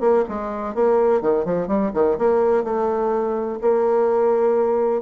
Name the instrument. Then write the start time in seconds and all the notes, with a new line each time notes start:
bassoon
0.00 A#3
0.28 G#3
0.74 A#3
1.21 D#3
1.45 F3
1.67 G3
1.94 D#3
2.18 A#3
2.64 A3
3.61 A#3